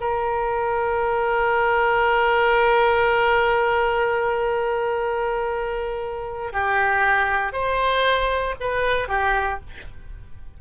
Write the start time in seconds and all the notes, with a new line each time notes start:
0.00 A#4
6.53 G4
7.53 C5
8.60 B4
9.08 G4